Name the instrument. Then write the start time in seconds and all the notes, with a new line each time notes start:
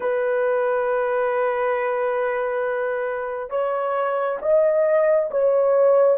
horn
0.00 B4
3.50 C#5
4.41 D#5
5.30 C#5